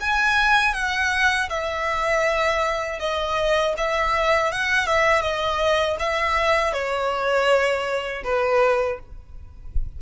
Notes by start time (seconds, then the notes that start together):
0.00 G#5
0.74 F#5
1.49 E5
2.99 D#5
3.77 E5
4.51 F#5
4.86 E5
5.21 D#5
5.99 E5
6.73 C#5
8.24 B4